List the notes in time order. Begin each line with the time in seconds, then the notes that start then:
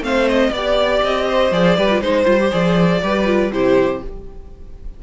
0.00 A3 C4 C5 F5
0.28 D#5
0.51 B3 G4 D5
1.03 C4 D#5
1.28 C5
1.51 F3 G#4 D5
1.77 G3 G4 B4
1.91 F4
2.01 G#3 D#4 C5
2.26 G3 F4
2.41 G4
2.51 F3 G#4 D5
3.02 G3 G4 B4
3.25 F4
3.51 C3 E4 G4 C5